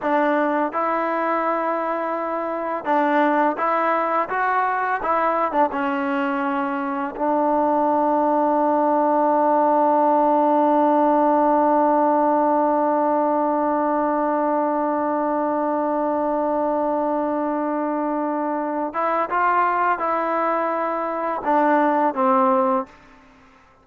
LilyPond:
\new Staff \with { instrumentName = "trombone" } { \time 4/4 \tempo 4 = 84 d'4 e'2. | d'4 e'4 fis'4 e'8. d'16 | cis'2 d'2~ | d'1~ |
d'1~ | d'1~ | d'2~ d'8 e'8 f'4 | e'2 d'4 c'4 | }